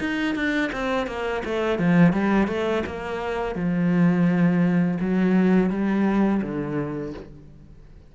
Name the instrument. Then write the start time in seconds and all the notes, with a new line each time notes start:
cello
0.00 D#4
0.35 D4
0.73 C4
1.07 A#3
1.45 A3
1.79 F3
2.13 G3
2.48 A3
2.86 A#3
3.56 F3
5.01 F#3
5.70 G3
6.42 D3